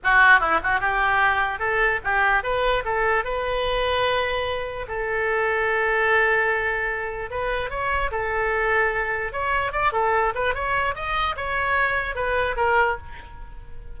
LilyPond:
\new Staff \with { instrumentName = "oboe" } { \time 4/4 \tempo 4 = 148 fis'4 e'8 fis'8 g'2 | a'4 g'4 b'4 a'4 | b'1 | a'1~ |
a'2 b'4 cis''4 | a'2. cis''4 | d''8 a'4 b'8 cis''4 dis''4 | cis''2 b'4 ais'4 | }